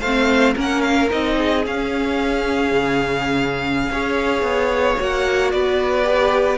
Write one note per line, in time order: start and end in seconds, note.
0.00 0.54 A3
0.00 0.56 C4
0.00 0.54 C5
0.00 0.54 F5
0.55 1.10 A#3
0.55 1.09 C#4
0.55 1.35 A#4
0.55 0.81 F#5
0.81 1.08 F5
1.10 1.66 C4
1.10 1.63 D#4
1.10 1.65 D#5
1.37 3.92 G#4
1.66 2.71 C#4
1.66 3.92 C#4
1.66 5.01 F5
2.71 3.90 C#3
3.90 4.42 C#4
3.90 4.98 G#4
3.90 5.53 C#5
4.42 4.96 B3
4.98 5.53 A#3
4.98 6.03 F#4
4.98 5.51 F#5
5.51 6.58 B3
5.51 6.58 B4
5.51 6.58 D5
6.03 6.56 G4